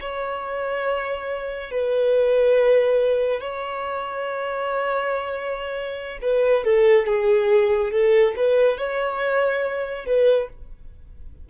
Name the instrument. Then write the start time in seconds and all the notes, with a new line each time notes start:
violin
0.00 C#5
1.70 B4
3.40 C#5
6.21 B4
6.64 A4
7.06 G#4
7.91 A4
8.36 B4
8.77 C#5
10.05 B4